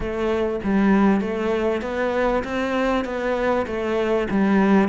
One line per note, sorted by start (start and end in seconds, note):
0.00 0.60 A3
0.63 1.21 G3
1.21 1.81 A3
1.81 2.43 B3
2.44 3.04 C4
3.04 3.65 B3
3.66 4.27 A3
4.30 4.88 G3